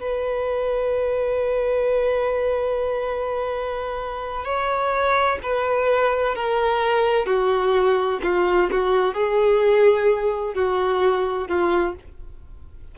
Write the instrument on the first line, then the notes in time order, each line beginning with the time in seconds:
violin
0.00 B4
4.44 C#5
5.42 B4
6.35 A#4
7.26 F#4
8.23 F4
8.71 F#4
9.14 G#4
10.54 F#4
11.48 F4